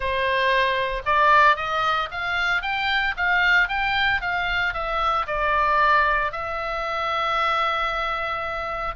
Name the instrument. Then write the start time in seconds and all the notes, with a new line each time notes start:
oboe
0.00 C5
1.05 D5
1.56 D#5
2.11 F5
2.62 G5
3.16 F5
3.68 G5
4.21 F5
4.73 E5
5.27 D5
6.32 E5